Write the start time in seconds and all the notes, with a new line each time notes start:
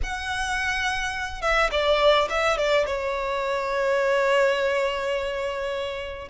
0.03 F#5
1.41 E5
1.71 D5
2.29 E5
2.57 D5
2.86 C#5